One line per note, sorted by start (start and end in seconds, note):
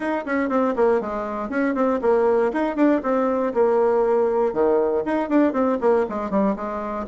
0.00 0.25 D#4
0.25 0.49 C#4
0.49 0.74 C4
0.75 1.00 A#3
1.00 1.49 G#3
1.49 1.74 C#4
1.74 2.00 C4
2.01 2.51 A#3
2.52 2.75 D#4
2.75 3.01 D4
3.03 3.53 C4
3.54 4.53 A#3
4.53 5.03 D#3
5.05 5.29 D#4
5.29 5.52 D4
5.52 5.78 C4
5.81 6.06 A#3
6.09 6.30 G#3
6.30 6.55 G3
6.55 7.06 G#3